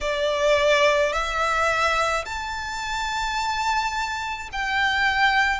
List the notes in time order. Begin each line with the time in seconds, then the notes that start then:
0.00 D5
1.12 E5
2.25 A5
4.52 G5